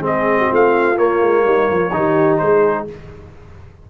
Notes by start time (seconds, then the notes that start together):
0.00 G#3 C4 G#4
0.06 D#5
0.39 F#4
0.50 A3 F4 F5
0.96 A#3 C#5
1.22 G#3
1.45 G3 D#4
1.69 F3 F4
1.93 D#3 D#4 G4
2.37 G#3 G#4 C5